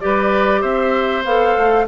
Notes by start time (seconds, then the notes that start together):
0.00 G3 G4 B4 D5
0.61 C4 C5 E5
1.24 B3 A4 F5
1.57 A3